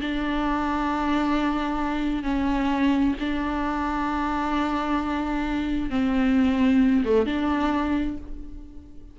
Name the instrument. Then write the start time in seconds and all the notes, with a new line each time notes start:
viola
0.00 D4
2.23 C#4
3.20 D4
5.90 C4
7.05 A3
7.26 D4